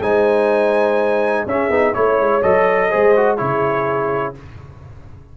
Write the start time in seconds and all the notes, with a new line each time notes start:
0.00 G#3 D#4 C5 G#5
1.45 C#4 G#4 E5
1.70 B3 D#4
1.94 A3 E4 C#5
2.19 G#3
2.42 F#3 A4 D#5
2.89 G#3 G#4 C5
3.16 F#4
3.37 C#3 E4 G#4 C#5